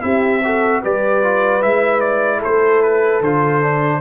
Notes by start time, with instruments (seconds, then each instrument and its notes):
0.00 tuba C4, trombone E4, horn G4, trumpet E5
0.43 trombone F#4, horn A4
0.82 tuba G3, trombone G4, horn B4, trumpet D5
1.23 trombone F4
1.62 tuba G#3, trombone E4, trumpet E5
2.00 trumpet D5
2.38 horn A4, trumpet C5
2.45 tuba A3
2.82 trumpet B4
3.20 tuba D3, trombone F4, trumpet C5
3.62 trombone D4